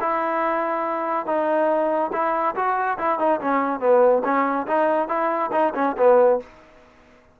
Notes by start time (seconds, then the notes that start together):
0.00 E4
1.26 D#4
2.13 E4
2.55 F#4
2.98 E4
3.19 D#4
3.40 C#4
3.80 B3
4.24 C#4
4.67 D#4
5.08 E4
5.52 D#4
5.75 C#4
5.97 B3